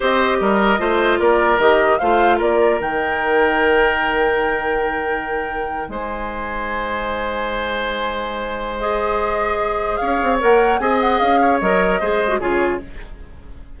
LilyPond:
<<
  \new Staff \with { instrumentName = "flute" } { \time 4/4 \tempo 4 = 150 dis''2. d''4 | dis''4 f''4 d''4 g''4~ | g''1~ | g''2~ g''8. gis''4~ gis''16~ |
gis''1~ | gis''2 dis''2~ | dis''4 f''4 fis''4 gis''8 fis''8 | f''4 dis''2 cis''4 | }
  \new Staff \with { instrumentName = "oboe" } { \time 4/4 c''4 ais'4 c''4 ais'4~ | ais'4 c''4 ais'2~ | ais'1~ | ais'2~ ais'8. c''4~ c''16~ |
c''1~ | c''1~ | c''4 cis''2 dis''4~ | dis''8 cis''4. c''4 gis'4 | }
  \new Staff \with { instrumentName = "clarinet" } { \time 4/4 g'2 f'2 | g'4 f'2 dis'4~ | dis'1~ | dis'1~ |
dis'1~ | dis'2 gis'2~ | gis'2 ais'4 gis'4~ | gis'4 ais'4 gis'8. fis'16 f'4 | }
  \new Staff \with { instrumentName = "bassoon" } { \time 4/4 c'4 g4 a4 ais4 | dis4 a4 ais4 dis4~ | dis1~ | dis2~ dis8. gis4~ gis16~ |
gis1~ | gis1~ | gis4 cis'8 c'8 ais4 c'4 | cis'4 fis4 gis4 cis4 | }
>>